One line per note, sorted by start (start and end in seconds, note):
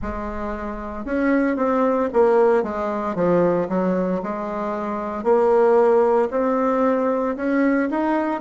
0.02 1.05 G#3
1.05 1.56 C#4
1.56 2.09 C4
2.13 2.63 A#3
2.63 3.15 G#3
3.15 3.67 F3
3.68 4.21 F#3
4.22 5.23 G#3
5.23 6.28 A#3
6.31 7.36 C4
7.36 7.89 C#4
7.90 8.41 D#4